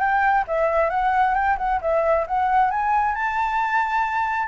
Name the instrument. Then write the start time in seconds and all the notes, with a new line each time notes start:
flute
0.00 G5
0.47 E5
0.90 F#5
1.35 G5
1.58 F#5
1.82 E5
2.27 F#5
2.71 G#5
3.15 A5